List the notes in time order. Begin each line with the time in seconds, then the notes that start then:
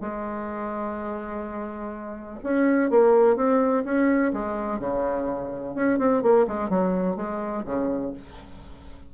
0.00 G#3
2.43 C#4
2.90 A#3
3.36 C4
3.84 C#4
4.32 G#3
4.79 C#3
5.75 C#4
5.98 C4
6.22 A#3
6.47 G#3
6.69 F#3
7.16 G#3
7.65 C#3